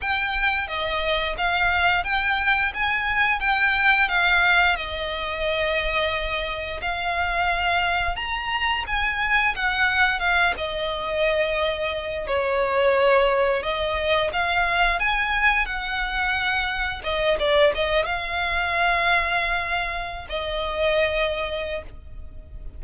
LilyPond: \new Staff \with { instrumentName = "violin" } { \time 4/4 \tempo 4 = 88 g''4 dis''4 f''4 g''4 | gis''4 g''4 f''4 dis''4~ | dis''2 f''2 | ais''4 gis''4 fis''4 f''8 dis''8~ |
dis''2 cis''2 | dis''4 f''4 gis''4 fis''4~ | fis''4 dis''8 d''8 dis''8 f''4.~ | f''4.~ f''16 dis''2~ dis''16 | }